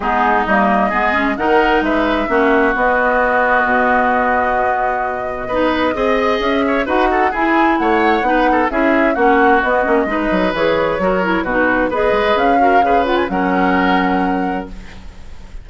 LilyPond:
<<
  \new Staff \with { instrumentName = "flute" } { \time 4/4 \tempo 4 = 131 gis'4 dis''2 fis''4 | e''2 dis''2~ | dis''1~ | dis''2 e''4 fis''4 |
gis''4 fis''2 e''4 | fis''4 dis''2 cis''4~ | cis''4 b'4 dis''4 f''4~ | f''8 fis''16 gis''16 fis''2. | }
  \new Staff \with { instrumentName = "oboe" } { \time 4/4 dis'2 gis'4 ais'4 | b'4 fis'2.~ | fis'1 | b'4 dis''4. cis''8 b'8 a'8 |
gis'4 cis''4 b'8 a'8 gis'4 | fis'2 b'2 | ais'4 fis'4 b'4. ais'8 | b'4 ais'2. | }
  \new Staff \with { instrumentName = "clarinet" } { \time 4/4 b4 ais4 b8 cis'8 dis'4~ | dis'4 cis'4 b2~ | b1 | dis'4 gis'2 fis'4 |
e'2 dis'4 e'4 | cis'4 b8 cis'8 dis'4 gis'4 | fis'8 e'8 dis'4 gis'4. fis'8 | gis'8 f'8 cis'2. | }
  \new Staff \with { instrumentName = "bassoon" } { \time 4/4 gis4 g4 gis4 dis4 | gis4 ais4 b2 | b,1 | b4 c'4 cis'4 dis'4 |
e'4 a4 b4 cis'4 | ais4 b8 ais8 gis8 fis8 e4 | fis4 b,4 b8 gis8 cis'4 | cis4 fis2. | }
>>